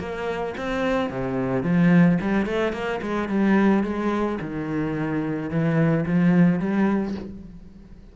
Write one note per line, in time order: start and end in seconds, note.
0.00 0.55 A#3
0.58 1.10 C4
1.10 1.64 C3
1.64 2.19 F3
2.21 2.46 G3
2.46 2.73 A3
2.73 3.01 A#3
3.02 3.29 G#3
3.29 3.84 G3
3.84 4.39 G#3
4.42 5.50 D#3
5.50 6.06 E3
6.06 6.60 F3
6.60 7.15 G3